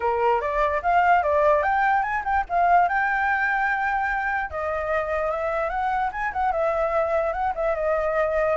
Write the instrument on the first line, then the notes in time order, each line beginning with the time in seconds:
flute
0.00 A#4
0.40 D5
0.82 F5
1.22 D5
1.63 G5
2.02 G#5
2.24 G5
2.49 F5
2.88 G5
4.50 D#5
5.31 E5
5.69 F#5
6.12 G#5
6.32 F#5
6.51 E5
7.32 F#5
7.55 E5
7.75 D#5